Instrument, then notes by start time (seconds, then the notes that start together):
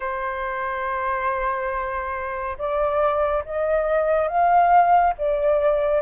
flute
0.00 C5
2.58 D5
3.45 D#5
4.27 F5
5.17 D5